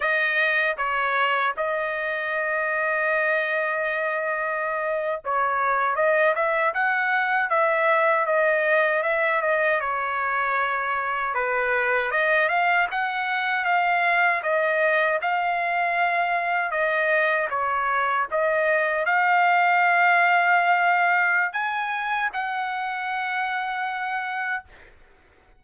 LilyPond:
\new Staff \with { instrumentName = "trumpet" } { \time 4/4 \tempo 4 = 78 dis''4 cis''4 dis''2~ | dis''2~ dis''8. cis''4 dis''16~ | dis''16 e''8 fis''4 e''4 dis''4 e''16~ | e''16 dis''8 cis''2 b'4 dis''16~ |
dis''16 f''8 fis''4 f''4 dis''4 f''16~ | f''4.~ f''16 dis''4 cis''4 dis''16~ | dis''8. f''2.~ f''16 | gis''4 fis''2. | }